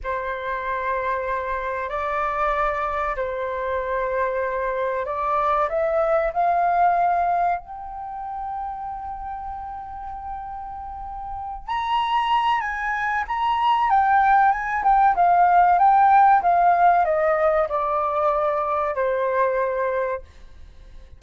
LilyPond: \new Staff \with { instrumentName = "flute" } { \time 4/4 \tempo 4 = 95 c''2. d''4~ | d''4 c''2. | d''4 e''4 f''2 | g''1~ |
g''2~ g''8 ais''4. | gis''4 ais''4 g''4 gis''8 g''8 | f''4 g''4 f''4 dis''4 | d''2 c''2 | }